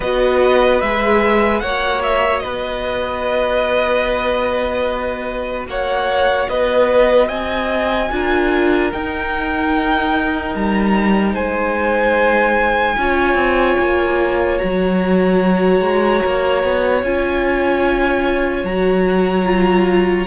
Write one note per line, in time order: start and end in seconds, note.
0.00 0.81 B3
0.00 0.83 F#4
0.00 1.62 B4
0.00 0.80 D#5
0.80 1.62 G#3
0.80 1.62 G#4
0.80 1.60 E5
1.60 2.43 A#3
1.60 8.10 F#4
1.60 2.43 C#5
1.60 2.00 F#5
2.02 2.39 E5
2.39 5.67 B4
2.39 5.63 D#5
2.45 5.67 B3
5.67 6.48 A#3
5.67 6.50 C#5
5.67 6.49 F#5
6.49 7.29 B3
6.49 7.28 B4
6.49 7.28 D#5
7.28 8.10 C4
7.28 8.09 D#5
7.28 8.90 G#5
8.10 8.92 D4
8.10 8.91 F4
8.10 11.33 A#4
8.92 12.97 D#4
8.92 10.55 D#4
8.92 10.54 G5
10.55 11.34 G3
10.55 11.35 A#5
11.33 12.96 G#3
11.33 12.95 C5
11.33 14.58 G#5
12.97 13.34 C#4
12.97 14.59 F4
12.97 20.27 C#5
13.34 13.74 C4
13.78 14.59 A#3
14.58 15.80 F#3
14.58 17.02 F#4
14.58 17.01 A#5
15.80 16.20 G#3
16.25 16.63 A#3
16.63 17.03 B3
17.03 18.63 C#4
17.03 18.66 F4
17.03 18.65 G#5
18.63 20.25 F#3
18.63 19.44 F#4
18.63 20.27 A#5
19.44 20.25 F4